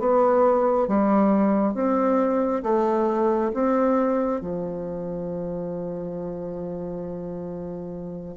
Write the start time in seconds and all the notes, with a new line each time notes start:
0.00 B3
0.88 G3
1.74 C4
2.63 A3
3.54 C4
4.41 F3